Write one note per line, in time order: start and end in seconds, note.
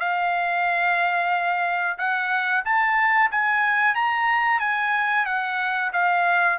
0.00 1.98 F5
1.98 2.64 F#5
2.65 3.31 A5
3.31 3.95 G#5
3.95 4.60 A#5
4.60 5.26 G#5
5.26 5.92 F#5
5.93 6.59 F5